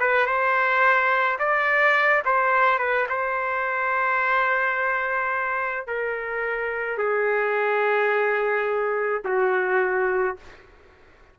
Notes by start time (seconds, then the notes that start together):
0.00 B4
0.27 C5
1.39 D5
2.25 C5
2.79 B4
3.09 C5
5.87 A#4
6.98 G#4
9.25 F#4